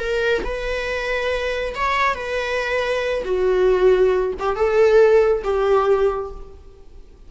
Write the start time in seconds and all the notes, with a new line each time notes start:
0.00 A#4
0.45 B4
1.75 C#5
2.15 B4
3.25 F#4
4.40 G4
4.56 A4
5.44 G4